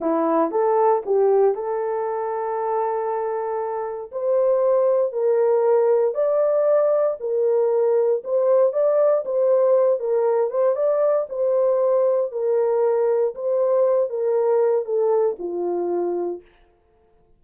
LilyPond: \new Staff \with { instrumentName = "horn" } { \time 4/4 \tempo 4 = 117 e'4 a'4 g'4 a'4~ | a'1 | c''2 ais'2 | d''2 ais'2 |
c''4 d''4 c''4. ais'8~ | ais'8 c''8 d''4 c''2 | ais'2 c''4. ais'8~ | ais'4 a'4 f'2 | }